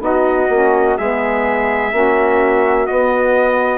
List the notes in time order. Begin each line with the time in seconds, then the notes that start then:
0.00 B3 D#4 F#4 D#5
0.49 A#3 C#4
0.98 G#3 B3 G#4 E5
1.91 A#3 C#4 F#4
2.87 B3 D#5